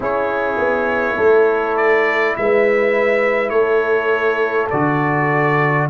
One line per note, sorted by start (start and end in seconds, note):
0.00 0.57 C#4
0.00 4.70 E4
0.00 1.16 G#4
0.00 1.76 C#5
0.57 1.16 B3
1.16 2.35 A3
1.16 2.34 A4
1.76 2.35 D5
2.36 3.50 G#3
2.36 3.52 B4
2.36 3.49 E5
3.49 4.67 A3
3.49 5.87 A4
3.49 4.67 C#5
4.70 5.89 D3
4.70 5.89 F#4
4.70 5.87 D5